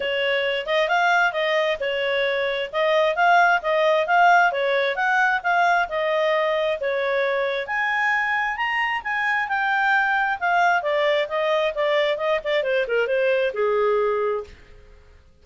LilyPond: \new Staff \with { instrumentName = "clarinet" } { \time 4/4 \tempo 4 = 133 cis''4. dis''8 f''4 dis''4 | cis''2 dis''4 f''4 | dis''4 f''4 cis''4 fis''4 | f''4 dis''2 cis''4~ |
cis''4 gis''2 ais''4 | gis''4 g''2 f''4 | d''4 dis''4 d''4 dis''8 d''8 | c''8 ais'8 c''4 gis'2 | }